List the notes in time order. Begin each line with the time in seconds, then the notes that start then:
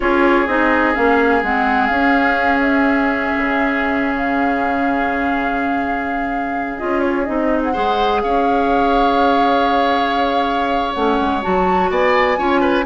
0.00 C#4 F4 G#4 C#5
0.47 C4 D#4 D#5
0.94 A#3 C#4 F5
1.42 G#3 C4 F#5
1.86 C#4 F5
1.93 C#4
2.60 E5
3.37 C#3
4.16 F5
6.78 C#4 F4 D#5
7.00 C#5
7.24 C4 D#4 D#5
7.62 F#5
7.72 G#3 G#4 C5
8.21 C#4 C#5 F5
10.93 A3 C#4 F#5
11.19 G#3
11.41 F#3 F#4 A5
11.89 B3 D5 G#5
12.37 C#4 F4 C#5
12.61 B4